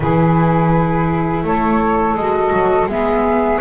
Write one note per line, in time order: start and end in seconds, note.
0.00 1.43 E3
0.00 2.18 E4
0.00 1.44 G#4
0.00 1.44 B4
1.43 2.14 A3
1.43 2.89 A4
1.43 2.15 C#5
2.14 2.50 G#3
2.14 2.89 F#4
2.14 2.87 D#5
2.52 2.86 F#3
2.86 3.58 G#3
2.86 3.60 B3
2.86 3.60 G#4
2.86 3.60 E5